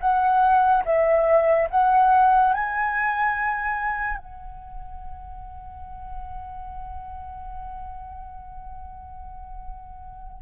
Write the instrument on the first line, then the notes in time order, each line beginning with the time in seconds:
flute
0.00 F#5
0.85 E5
1.70 F#5
2.53 G#5
4.17 F#5